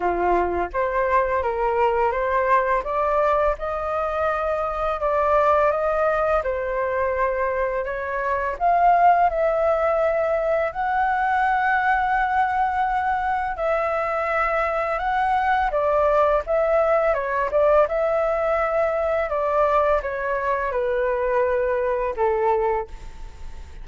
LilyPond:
\new Staff \with { instrumentName = "flute" } { \time 4/4 \tempo 4 = 84 f'4 c''4 ais'4 c''4 | d''4 dis''2 d''4 | dis''4 c''2 cis''4 | f''4 e''2 fis''4~ |
fis''2. e''4~ | e''4 fis''4 d''4 e''4 | cis''8 d''8 e''2 d''4 | cis''4 b'2 a'4 | }